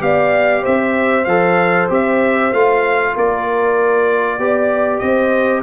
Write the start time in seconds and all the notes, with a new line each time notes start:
0.00 B3 G4 D5 F5
0.62 C4 C5 E5
1.25 F3 A4 F5
1.90 C4 G4 E5
2.52 A3 F4 F5
3.14 A#3 A#4 D5
4.39 B3 G4 D5
4.99 C4 C5 D#5